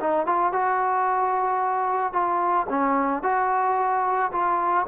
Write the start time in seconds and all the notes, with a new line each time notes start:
0.00 D#4
0.26 F4
0.53 F#4
2.13 F4
2.69 C#4
3.23 F#4
4.32 F4